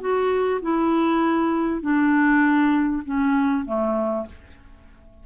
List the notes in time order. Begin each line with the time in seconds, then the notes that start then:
0.00 F#4
0.61 E4
1.81 D4
3.05 C#4
3.65 A3